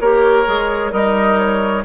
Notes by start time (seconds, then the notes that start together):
0.00 A#3 G4 A#4 C#5
0.46 G#3 G#4
0.91 G3 D#4 A#4 D#5
1.38 C#5